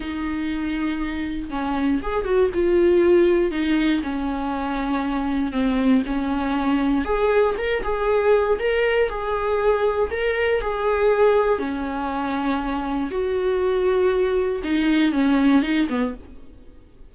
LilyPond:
\new Staff \with { instrumentName = "viola" } { \time 4/4 \tempo 4 = 119 dis'2. cis'4 | gis'8 fis'8 f'2 dis'4 | cis'2. c'4 | cis'2 gis'4 ais'8 gis'8~ |
gis'4 ais'4 gis'2 | ais'4 gis'2 cis'4~ | cis'2 fis'2~ | fis'4 dis'4 cis'4 dis'8 b8 | }